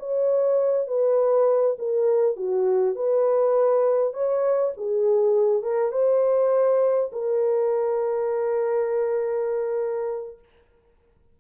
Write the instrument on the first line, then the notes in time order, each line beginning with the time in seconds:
horn
0.00 C#5
0.88 B4
1.79 A#4
2.37 F#4
2.96 B4
4.14 C#5
4.77 G#4
5.63 A#4
5.92 C5
7.13 A#4